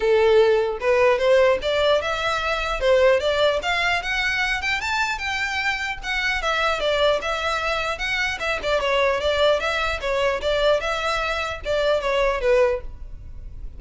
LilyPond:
\new Staff \with { instrumentName = "violin" } { \time 4/4 \tempo 4 = 150 a'2 b'4 c''4 | d''4 e''2 c''4 | d''4 f''4 fis''4. g''8 | a''4 g''2 fis''4 |
e''4 d''4 e''2 | fis''4 e''8 d''8 cis''4 d''4 | e''4 cis''4 d''4 e''4~ | e''4 d''4 cis''4 b'4 | }